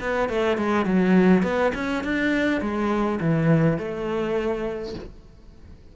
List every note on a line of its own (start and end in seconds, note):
0.00 0.29 B3
0.29 0.57 A3
0.57 0.86 G#3
0.86 1.43 F#3
1.43 1.72 B3
1.75 2.04 C#4
2.04 2.61 D4
2.61 3.19 G#3
3.20 3.78 E3
3.78 4.95 A3